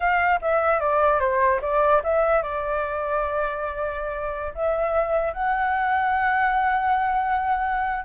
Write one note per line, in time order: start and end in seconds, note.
0.00 0.40 F5
0.41 0.80 E5
0.80 1.20 D5
1.20 1.60 C5
1.61 2.02 D5
2.03 2.42 E5
2.42 4.53 D5
4.54 5.33 E5
5.33 8.04 F#5